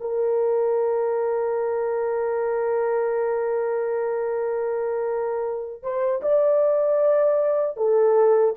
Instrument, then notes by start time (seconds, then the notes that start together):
horn
0.00 A#4
5.82 C5
6.22 D5
7.77 A4